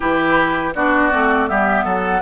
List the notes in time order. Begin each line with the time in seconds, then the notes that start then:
0.00 E3 E4 G4 B4
0.74 B3 D4 F#4 D5
1.11 A3 C4
1.47 G3 B3 G4 E5
1.84 F#3 A4 F#5